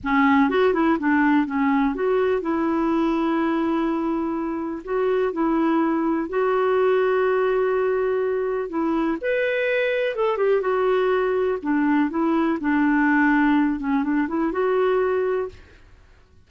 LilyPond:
\new Staff \with { instrumentName = "clarinet" } { \time 4/4 \tempo 4 = 124 cis'4 fis'8 e'8 d'4 cis'4 | fis'4 e'2.~ | e'2 fis'4 e'4~ | e'4 fis'2.~ |
fis'2 e'4 b'4~ | b'4 a'8 g'8 fis'2 | d'4 e'4 d'2~ | d'8 cis'8 d'8 e'8 fis'2 | }